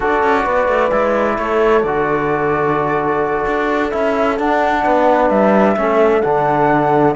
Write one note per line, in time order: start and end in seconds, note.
0.00 0.23 D4
0.00 0.91 F#4
0.00 0.43 A4
0.00 1.38 D5
0.23 0.46 C#4
0.43 0.68 B3
0.43 1.36 B4
0.68 0.91 A3
0.91 1.37 G#3
0.91 1.83 E4
1.38 1.83 A3
1.38 4.83 A4
1.38 1.82 C#5
1.82 3.45 D3
1.82 3.91 F#4
1.82 3.90 D5
3.46 3.92 D4
3.91 4.39 C#4
3.91 4.37 E4
3.91 4.37 E5
4.38 5.76 D4
4.38 4.85 D4
4.38 5.29 F#5
4.83 5.29 B3
4.83 5.76 B4
5.29 5.76 G3
5.29 6.21 E5
5.76 6.22 A3
5.76 6.22 C#4
5.76 7.15 A4
6.21 7.15 D3
6.21 7.15 D4
6.21 7.13 F#5